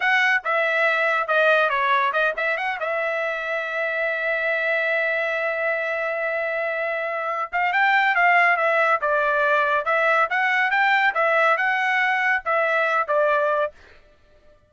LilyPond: \new Staff \with { instrumentName = "trumpet" } { \time 4/4 \tempo 4 = 140 fis''4 e''2 dis''4 | cis''4 dis''8 e''8 fis''8 e''4.~ | e''1~ | e''1~ |
e''4. f''8 g''4 f''4 | e''4 d''2 e''4 | fis''4 g''4 e''4 fis''4~ | fis''4 e''4. d''4. | }